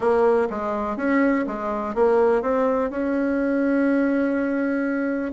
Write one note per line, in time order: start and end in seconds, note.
0.00 0.48 A#3
0.50 0.96 G#3
0.96 1.45 C#4
1.46 1.94 G#3
1.94 2.42 A#3
2.42 2.90 C4
2.90 5.32 C#4